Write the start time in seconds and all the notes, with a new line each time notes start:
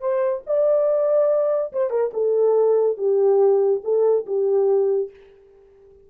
0.00 C5
0.46 D5
1.72 C5
1.90 A#4
2.13 A4
2.97 G4
3.84 A4
4.26 G4